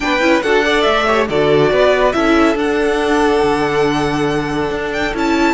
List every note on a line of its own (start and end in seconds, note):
0.00 0.20 B3
0.00 0.20 D4
0.00 0.43 B4
0.00 0.41 G5
0.20 0.42 C#4
0.20 0.41 E4
0.42 0.86 D4
0.42 0.62 F#4
0.42 0.64 A4
0.42 0.81 F#5
0.62 1.05 A4
0.62 1.07 D5
0.81 1.29 A3
0.81 1.24 E5
1.06 1.28 G4
1.06 1.28 C#5
1.29 1.71 D3
1.29 2.13 F#4
1.29 1.72 A4
1.29 2.12 D5
1.71 2.14 B3
1.71 2.15 B4
2.12 2.55 C#4
2.12 2.55 E4
2.12 5.53 A4
2.12 2.55 E5
2.55 3.41 D4
2.55 5.12 D4
2.55 4.92 F#5
3.42 4.70 D3
4.70 5.13 D4
4.92 5.13 G5
5.14 5.53 C#4
5.14 5.53 E4
5.14 5.53 A5